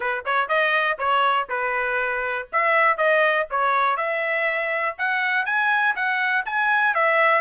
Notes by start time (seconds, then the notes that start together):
0.00 B4
0.25 C#5
0.48 D#5
0.98 C#5
1.49 B4
2.52 E5
2.97 D#5
3.50 C#5
3.96 E5
4.98 F#5
5.45 G#5
5.95 F#5
6.45 G#5
6.94 E5